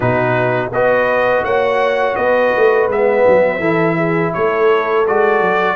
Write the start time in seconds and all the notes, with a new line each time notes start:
0.00 B2 D#4 F#4 B4
0.71 B3 F#4 B4 D#5
1.44 A#3 C#5 F#5
2.15 B3 B4 D#5
2.56 A3
2.87 G#3 B3 E5
3.27 F#3
3.59 E3 E4 A4
3.96 G#4
4.33 A3 A4 C#5
5.07 G#3 F#4 D5
5.40 F#3